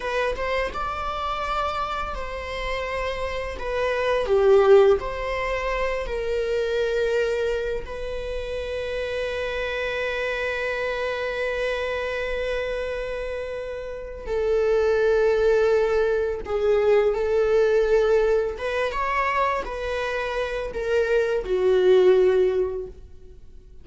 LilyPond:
\new Staff \with { instrumentName = "viola" } { \time 4/4 \tempo 4 = 84 b'8 c''8 d''2 c''4~ | c''4 b'4 g'4 c''4~ | c''8 ais'2~ ais'8 b'4~ | b'1~ |
b'1 | a'2. gis'4 | a'2 b'8 cis''4 b'8~ | b'4 ais'4 fis'2 | }